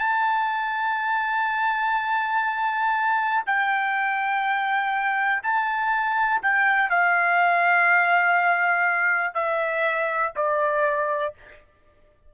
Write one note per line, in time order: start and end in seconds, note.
0.00 3.44 A5
3.46 5.43 G5
5.43 6.42 A5
6.42 6.90 G5
6.90 9.35 F5
9.35 10.33 E5
10.36 11.34 D5